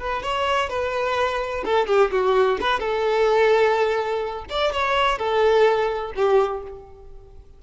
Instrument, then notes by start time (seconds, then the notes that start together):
violin
0.00 B4
0.23 C#5
0.70 B4
1.65 A4
1.87 G4
2.12 F#4
2.61 B4
2.80 A4
4.50 D5
4.73 C#5
5.19 A4
6.16 G4